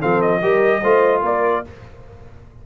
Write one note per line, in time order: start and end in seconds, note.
0.00 0.43 F3
0.00 0.41 C4
0.00 0.41 A4
0.00 0.21 F5
0.21 1.22 D#5
0.41 0.83 G3
0.41 0.82 G4
0.41 0.81 A#4
0.82 1.22 A3
0.82 1.64 F4
0.82 1.22 C5
1.22 1.63 A#3
1.22 1.64 A#4
1.22 1.66 D5